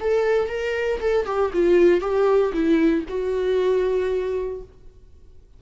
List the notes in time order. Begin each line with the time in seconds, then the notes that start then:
0.00 A4
0.48 A#4
1.00 A4
1.25 G4
1.53 F4
2.00 G4
2.52 E4
3.08 F#4